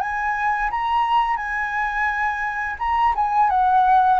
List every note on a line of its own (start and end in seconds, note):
0.00 0.70 G#5
0.70 1.37 A#5
1.37 2.76 G#5
2.79 3.14 A#5
3.15 3.50 G#5
3.50 4.20 F#5